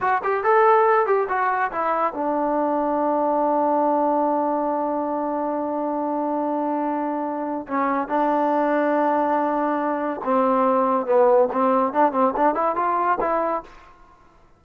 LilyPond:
\new Staff \with { instrumentName = "trombone" } { \time 4/4 \tempo 4 = 141 fis'8 g'8 a'4. g'8 fis'4 | e'4 d'2.~ | d'1~ | d'1~ |
d'2 cis'4 d'4~ | d'1 | c'2 b4 c'4 | d'8 c'8 d'8 e'8 f'4 e'4 | }